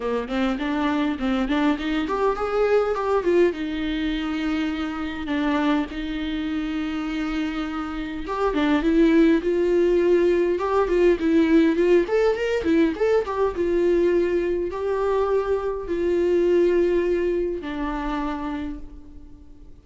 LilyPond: \new Staff \with { instrumentName = "viola" } { \time 4/4 \tempo 4 = 102 ais8 c'8 d'4 c'8 d'8 dis'8 g'8 | gis'4 g'8 f'8 dis'2~ | dis'4 d'4 dis'2~ | dis'2 g'8 d'8 e'4 |
f'2 g'8 f'8 e'4 | f'8 a'8 ais'8 e'8 a'8 g'8 f'4~ | f'4 g'2 f'4~ | f'2 d'2 | }